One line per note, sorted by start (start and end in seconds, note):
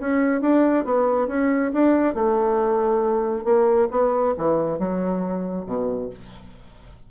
0.00 0.41 C#4
0.41 0.85 D4
0.85 1.28 B3
1.28 1.72 C#4
1.73 2.15 D4
2.15 3.44 A3
3.44 3.88 A#3
3.91 4.35 B3
4.38 4.79 E3
4.79 5.66 F#3
5.66 6.10 B2